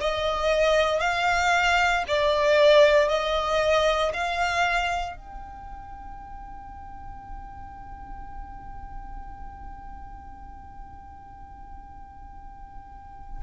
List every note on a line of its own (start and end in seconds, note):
0.00 1.00 D#5
1.00 2.04 F5
2.07 3.08 D5
3.08 4.12 D#5
4.13 5.16 F5
5.16 13.42 G5